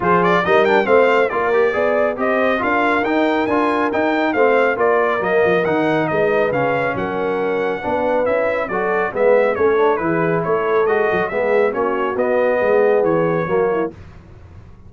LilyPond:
<<
  \new Staff \with { instrumentName = "trumpet" } { \time 4/4 \tempo 4 = 138 c''8 d''8 dis''8 g''8 f''4 d''4~ | d''4 dis''4 f''4 g''4 | gis''4 g''4 f''4 d''4 | dis''4 fis''4 dis''4 f''4 |
fis''2. e''4 | d''4 e''4 cis''4 b'4 | cis''4 dis''4 e''4 cis''4 | dis''2 cis''2 | }
  \new Staff \with { instrumentName = "horn" } { \time 4/4 gis'4 ais'4 c''4 ais'4 | d''4 c''4 ais'2~ | ais'2 c''4 ais'4~ | ais'2 b'2 |
ais'2 b'2 | a'4 b'4 a'4 gis'4 | a'2 gis'4 fis'4~ | fis'4 gis'2 fis'8 e'8 | }
  \new Staff \with { instrumentName = "trombone" } { \time 4/4 f'4 dis'8 d'8 c'4 f'8 g'8 | gis'4 g'4 f'4 dis'4 | f'4 dis'4 c'4 f'4 | ais4 dis'2 cis'4~ |
cis'2 d'4 e'4 | fis'4 b4 cis'8 d'8 e'4~ | e'4 fis'4 b4 cis'4 | b2. ais4 | }
  \new Staff \with { instrumentName = "tuba" } { \time 4/4 f4 g4 a4 ais4 | b4 c'4 d'4 dis'4 | d'4 dis'4 a4 ais4 | fis8 f8 dis4 gis4 cis4 |
fis2 b4 cis'4 | fis4 gis4 a4 e4 | a4 gis8 fis8 gis4 ais4 | b4 gis4 e4 fis4 | }
>>